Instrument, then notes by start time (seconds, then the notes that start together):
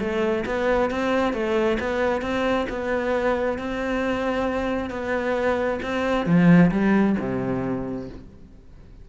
cello
0.00 A3
0.46 B3
0.91 C4
1.34 A3
1.80 B3
2.22 C4
2.70 B3
3.59 C4
4.91 B3
5.83 C4
6.26 F3
6.72 G3
7.20 C3